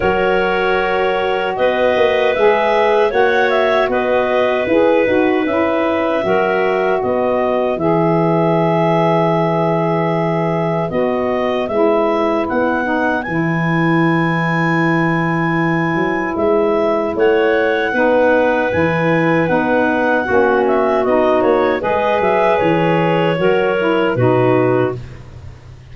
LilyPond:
<<
  \new Staff \with { instrumentName = "clarinet" } { \time 4/4 \tempo 4 = 77 cis''2 dis''4 e''4 | fis''8 e''8 dis''4 b'4 e''4~ | e''4 dis''4 e''2~ | e''2 dis''4 e''4 |
fis''4 gis''2.~ | gis''4 e''4 fis''2 | gis''4 fis''4. e''8 dis''8 cis''8 | dis''8 e''8 cis''2 b'4 | }
  \new Staff \with { instrumentName = "clarinet" } { \time 4/4 ais'2 b'2 | cis''4 b'2. | ais'4 b'2.~ | b'1~ |
b'1~ | b'2 cis''4 b'4~ | b'2 fis'2 | b'2 ais'4 fis'4 | }
  \new Staff \with { instrumentName = "saxophone" } { \time 4/4 fis'2. gis'4 | fis'2 gis'8 fis'8 e'4 | fis'2 gis'2~ | gis'2 fis'4 e'4~ |
e'8 dis'8 e'2.~ | e'2. dis'4 | e'4 dis'4 cis'4 dis'4 | gis'2 fis'8 e'8 dis'4 | }
  \new Staff \with { instrumentName = "tuba" } { \time 4/4 fis2 b8 ais8 gis4 | ais4 b4 e'8 dis'8 cis'4 | fis4 b4 e2~ | e2 b4 gis4 |
b4 e2.~ | e8 fis8 gis4 a4 b4 | e4 b4 ais4 b8 ais8 | gis8 fis8 e4 fis4 b,4 | }
>>